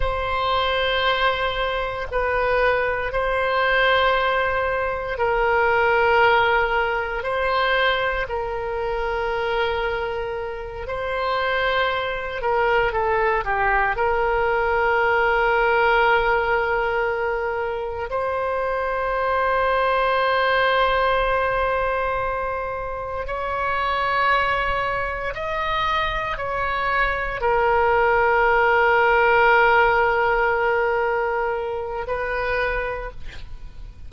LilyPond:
\new Staff \with { instrumentName = "oboe" } { \time 4/4 \tempo 4 = 58 c''2 b'4 c''4~ | c''4 ais'2 c''4 | ais'2~ ais'8 c''4. | ais'8 a'8 g'8 ais'2~ ais'8~ |
ais'4. c''2~ c''8~ | c''2~ c''8 cis''4.~ | cis''8 dis''4 cis''4 ais'4.~ | ais'2. b'4 | }